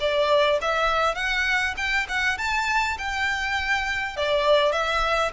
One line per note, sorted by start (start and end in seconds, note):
0.00 0.59 D5
0.62 1.15 E5
1.15 1.74 F#5
1.77 2.07 G5
2.08 2.38 F#5
2.38 2.97 A5
2.98 4.16 G5
4.16 4.72 D5
4.72 5.31 E5